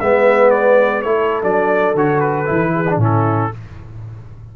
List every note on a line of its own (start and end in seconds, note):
0.00 1.05 G#3
0.00 1.04 B3
0.00 1.02 B4
0.00 0.50 E5
0.50 1.02 D5
1.02 1.43 A3
1.02 1.43 E4
1.02 2.72 A4
1.02 1.41 C#5
1.43 1.94 F#3
1.43 1.95 D4
1.43 1.96 D5
1.94 2.47 D3
1.94 2.45 F#4
1.94 2.20 C#5
2.20 2.98 B4
2.45 2.97 E3
2.45 2.85 E4
2.74 3.00 G#4
2.90 2.99 D4
2.97 3.49 A2
2.97 3.52 C#4
2.97 3.52 E4
3.04 3.56 A4